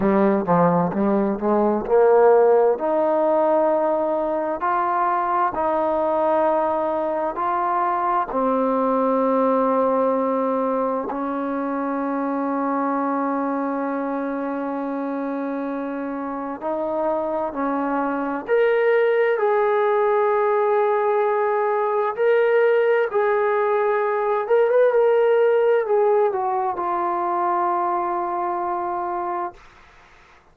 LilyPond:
\new Staff \with { instrumentName = "trombone" } { \time 4/4 \tempo 4 = 65 g8 f8 g8 gis8 ais4 dis'4~ | dis'4 f'4 dis'2 | f'4 c'2. | cis'1~ |
cis'2 dis'4 cis'4 | ais'4 gis'2. | ais'4 gis'4. ais'16 b'16 ais'4 | gis'8 fis'8 f'2. | }